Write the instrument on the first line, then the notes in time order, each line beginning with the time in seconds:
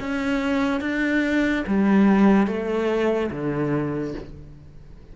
cello
0.00 C#4
0.81 D4
1.67 G3
2.47 A3
3.31 D3